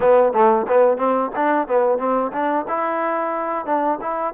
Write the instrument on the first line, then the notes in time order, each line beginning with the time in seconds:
trombone
0.00 B3
0.32 A3
0.67 B3
0.97 C4
1.35 D4
1.67 B3
1.98 C4
2.32 D4
2.68 E4
3.65 D4
4.01 E4